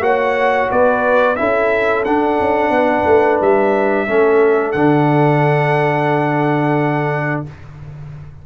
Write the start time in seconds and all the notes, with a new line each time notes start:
0.00 A#3 F#4 C#5 F#5
0.70 B3 B4 D5
1.36 C#4 E4 A4 E5
2.04 D4 F#5
2.40 C#4
2.70 B3 B4
3.06 A3
3.40 G3 E5
4.07 A3 C#4 A4
4.71 D3 D4 F#5